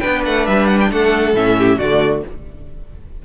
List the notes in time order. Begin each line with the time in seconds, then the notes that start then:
0.00 D4 B4 G5
0.06 B3
0.26 A3 F#5
0.47 G3 E5
0.68 F#5
0.81 G5
0.92 A3 A4 F#5
1.34 A2 C#4 E5
1.59 G4
1.79 D3 A3 F#4 D5